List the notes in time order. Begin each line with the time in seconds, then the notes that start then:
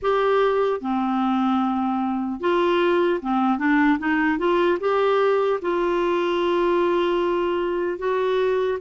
0.01 G4
0.80 C4
2.40 F4
3.21 C4
3.58 D4
3.99 D#4
4.38 F4
4.80 G4
5.61 F4
7.98 F#4